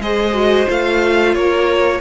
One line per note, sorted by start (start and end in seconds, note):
0.00 0.67 G#3
0.00 0.34 G#4
0.00 1.36 C5
0.00 0.68 D#5
0.34 0.67 F#4
0.67 1.36 A3
0.67 2.00 F4
0.67 1.35 F5
1.35 2.01 A#3
1.35 2.01 A#4
1.35 2.01 C#5